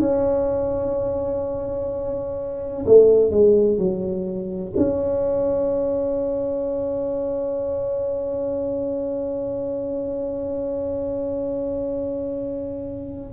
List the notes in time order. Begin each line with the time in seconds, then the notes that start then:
0.00 C#4
2.87 A3
3.32 G#3
3.78 F#3
4.77 C#4